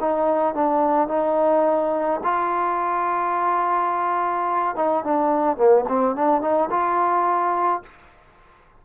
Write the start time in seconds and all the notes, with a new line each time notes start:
0.00 D#4
0.55 D4
1.08 D#4
2.24 F4
4.76 D#4
5.04 D4
5.57 A#3
5.89 C4
6.16 D4
6.42 D#4
6.71 F4